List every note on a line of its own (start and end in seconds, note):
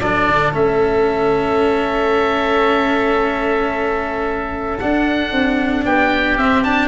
0.00 0.28 F#3
0.00 0.53 D4
0.00 5.85 A4
0.00 0.53 D5
0.28 0.53 D3
0.53 4.78 A3
0.53 4.78 C#4
0.53 4.78 E5
4.78 6.40 D4
4.78 5.31 D4
4.78 5.85 F#5
5.31 5.84 C4
5.85 6.37 B3
5.85 6.88 G4
5.85 6.37 G5
6.37 6.88 C4
6.37 6.64 C4
6.37 6.63 E5
6.63 6.88 D4
6.63 6.88 A5